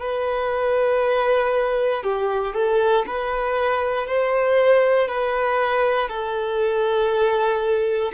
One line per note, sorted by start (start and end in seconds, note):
0.00 2.03 B4
2.03 2.54 G4
2.54 3.05 A4
3.06 4.07 B4
4.07 5.08 C5
5.08 6.09 B4
6.09 8.12 A4